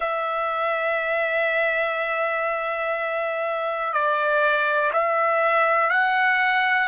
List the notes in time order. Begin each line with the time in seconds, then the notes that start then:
0.00 E5
3.93 D5
4.92 E5
5.90 F#5